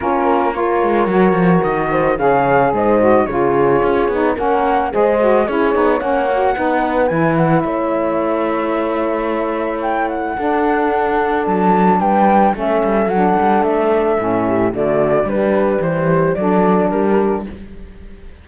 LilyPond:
<<
  \new Staff \with { instrumentName = "flute" } { \time 4/4 \tempo 4 = 110 ais'4 cis''2 dis''4 | f''4 dis''4 cis''2 | fis''4 dis''4 cis''4 fis''4~ | fis''4 gis''8 fis''8 e''2~ |
e''2 g''8 fis''4.~ | fis''4 a''4 g''4 e''4 | fis''4 e''2 d''4 | b'4 c''4 d''4 ais'4 | }
  \new Staff \with { instrumentName = "horn" } { \time 4/4 f'4 ais'2~ ais'8 c''8 | cis''4 c''4 gis'2 | ais'4 c''4 gis'4 cis''4 | b'2 cis''2~ |
cis''2. a'4~ | a'2 b'4 a'4~ | a'2~ a'8 g'8 fis'4 | d'4 g'4 a'4 g'4 | }
  \new Staff \with { instrumentName = "saxophone" } { \time 4/4 cis'4 f'4 fis'2 | gis'4. fis'8 f'4. dis'8 | cis'4 gis'8 fis'8 e'8 dis'8 cis'8 fis'8 | dis'4 e'2.~ |
e'2. d'4~ | d'2. cis'4 | d'2 cis'4 a4 | g2 d'2 | }
  \new Staff \with { instrumentName = "cello" } { \time 4/4 ais4. gis8 fis8 f8 dis4 | cis4 gis,4 cis4 cis'8 b8 | ais4 gis4 cis'8 b8 ais4 | b4 e4 a2~ |
a2. d'4~ | d'4 fis4 g4 a8 g8 | fis8 g8 a4 a,4 d4 | g4 e4 fis4 g4 | }
>>